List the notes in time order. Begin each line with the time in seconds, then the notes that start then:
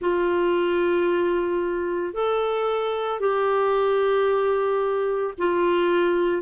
0.01 F4
2.13 A4
3.19 G4
5.38 F4